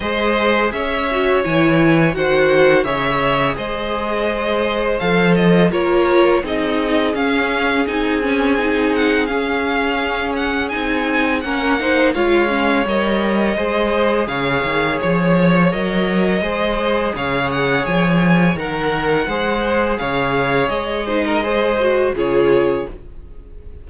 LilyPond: <<
  \new Staff \with { instrumentName = "violin" } { \time 4/4 \tempo 4 = 84 dis''4 e''4 gis''4 fis''4 | e''4 dis''2 f''8 dis''8 | cis''4 dis''4 f''4 gis''4~ | gis''8 fis''8 f''4. fis''8 gis''4 |
fis''4 f''4 dis''2 | f''4 cis''4 dis''2 | f''8 fis''8 gis''4 fis''2 | f''4 dis''2 cis''4 | }
  \new Staff \with { instrumentName = "violin" } { \time 4/4 c''4 cis''2 c''4 | cis''4 c''2. | ais'4 gis'2.~ | gis'1 |
ais'8 c''8 cis''2 c''4 | cis''2. c''4 | cis''2 ais'4 c''4 | cis''4. c''16 ais'16 c''4 gis'4 | }
  \new Staff \with { instrumentName = "viola" } { \time 4/4 gis'4. fis'8 e'4 fis'4 | gis'2. a'4 | f'4 dis'4 cis'4 dis'8 cis'8 | dis'4 cis'2 dis'4 |
cis'8 dis'8 f'8 cis'8 ais'4 gis'4~ | gis'2 ais'4 gis'4~ | gis'2 ais'4 gis'4~ | gis'4. dis'8 gis'8 fis'8 f'4 | }
  \new Staff \with { instrumentName = "cello" } { \time 4/4 gis4 cis'4 e4 dis4 | cis4 gis2 f4 | ais4 c'4 cis'4 c'4~ | c'4 cis'2 c'4 |
ais4 gis4 g4 gis4 | cis8 dis8 f4 fis4 gis4 | cis4 f4 dis4 gis4 | cis4 gis2 cis4 | }
>>